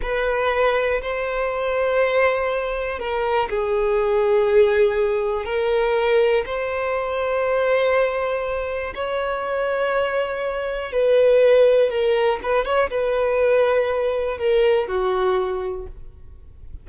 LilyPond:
\new Staff \with { instrumentName = "violin" } { \time 4/4 \tempo 4 = 121 b'2 c''2~ | c''2 ais'4 gis'4~ | gis'2. ais'4~ | ais'4 c''2.~ |
c''2 cis''2~ | cis''2 b'2 | ais'4 b'8 cis''8 b'2~ | b'4 ais'4 fis'2 | }